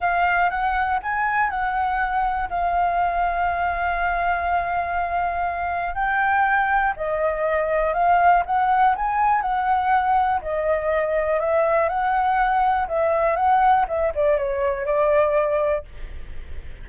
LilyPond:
\new Staff \with { instrumentName = "flute" } { \time 4/4 \tempo 4 = 121 f''4 fis''4 gis''4 fis''4~ | fis''4 f''2.~ | f''1 | g''2 dis''2 |
f''4 fis''4 gis''4 fis''4~ | fis''4 dis''2 e''4 | fis''2 e''4 fis''4 | e''8 d''8 cis''4 d''2 | }